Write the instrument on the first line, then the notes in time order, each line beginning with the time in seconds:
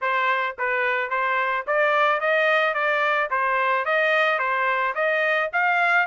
trumpet
0.01 C5
0.58 B4
1.10 C5
1.66 D5
2.20 D#5
2.74 D5
3.30 C5
3.85 D#5
4.38 C5
4.94 D#5
5.52 F5